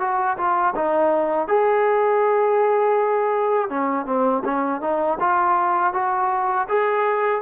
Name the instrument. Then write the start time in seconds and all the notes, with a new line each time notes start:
trombone
0.00 F#4
0.37 F4
0.75 D#4
1.48 G#4
3.69 C#4
4.06 C4
4.45 C#4
4.81 D#4
5.20 F4
5.94 F#4
6.69 G#4